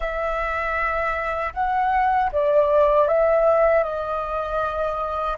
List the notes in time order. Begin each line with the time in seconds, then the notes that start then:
0.00 E5
1.53 F#5
2.31 D5
3.07 E5
3.83 D#5